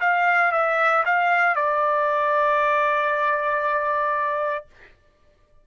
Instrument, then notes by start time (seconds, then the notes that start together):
trumpet
0.00 F5
0.52 E5
1.05 F5
1.55 D5